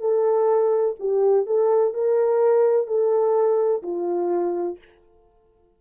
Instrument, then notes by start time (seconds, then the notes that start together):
horn
0.00 A4
1.00 G4
1.46 A4
1.94 A#4
2.87 A4
3.83 F4